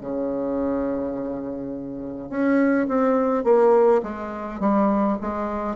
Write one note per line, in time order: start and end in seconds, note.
0.00 2.29 C#3
2.29 2.87 C#4
2.88 3.44 C4
3.44 4.01 A#3
4.02 4.60 G#3
4.60 5.17 G3
5.21 5.76 G#3